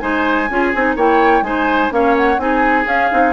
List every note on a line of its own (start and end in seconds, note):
0.00 0.50 G#3
0.00 0.48 D#4
0.00 0.50 C5
0.00 0.95 G#5
0.50 0.74 C#4
0.50 0.75 F4
0.50 0.96 G#4
0.75 0.96 C4
0.75 0.98 D#4
0.96 1.42 A#3
0.96 1.44 E4
0.96 1.44 C#5
0.96 1.44 G5
1.42 1.89 G#3
1.42 1.91 D#4
1.42 1.94 C5
1.42 1.92 G#5
1.91 2.38 A#3
1.91 2.38 C#4
1.91 2.41 C#5
1.91 2.17 F5
2.17 2.40 F#5
2.38 2.86 C4
2.38 2.86 D#4
2.38 3.33 G#4
2.38 2.88 G#5
2.86 3.10 C#4
2.86 3.33 F5
3.11 3.33 C4
3.11 3.33 D#4